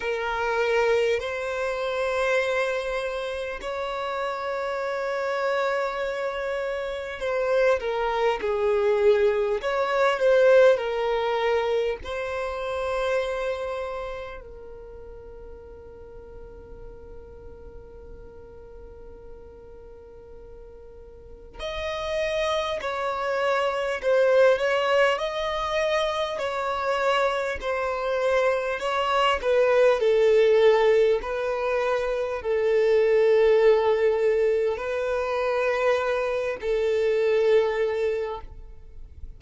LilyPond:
\new Staff \with { instrumentName = "violin" } { \time 4/4 \tempo 4 = 50 ais'4 c''2 cis''4~ | cis''2 c''8 ais'8 gis'4 | cis''8 c''8 ais'4 c''2 | ais'1~ |
ais'2 dis''4 cis''4 | c''8 cis''8 dis''4 cis''4 c''4 | cis''8 b'8 a'4 b'4 a'4~ | a'4 b'4. a'4. | }